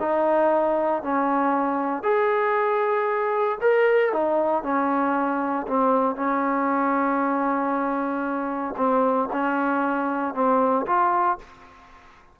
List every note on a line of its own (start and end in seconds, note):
0.00 1.03 D#4
1.03 2.03 C#4
2.03 3.59 G#4
3.61 4.13 A#4
4.13 4.63 D#4
4.63 5.67 C#4
5.68 6.16 C4
6.16 8.75 C#4
8.77 9.29 C4
9.32 10.34 C#4
10.34 10.86 C4
10.86 11.38 F4